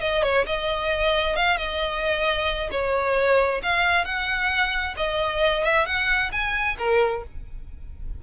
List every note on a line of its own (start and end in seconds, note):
0.00 0.22 D#5
0.22 0.45 C#5
0.46 1.36 D#5
1.36 1.57 F5
1.57 2.69 D#5
2.71 3.61 C#5
3.62 4.04 F5
4.04 4.94 F#5
4.96 5.64 D#5
5.64 5.85 E5
5.85 6.31 F#5
6.31 6.76 G#5
6.78 7.23 A#4